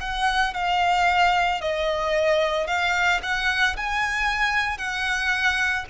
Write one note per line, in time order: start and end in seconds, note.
0.00 0.54 F#5
0.54 1.61 F5
1.61 2.67 D#5
2.67 3.20 F5
3.23 3.76 F#5
3.76 4.78 G#5
4.78 5.85 F#5